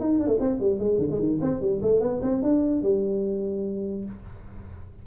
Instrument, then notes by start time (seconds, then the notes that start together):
tuba
0.00 D#4
0.19 D4
0.27 A3
0.40 C4
0.60 G3
0.79 G#3
0.99 D3
1.11 G#3
1.19 D#3
1.41 C4
1.61 G3
1.82 A3
2.01 B3
2.22 C4
2.42 D4
2.83 G3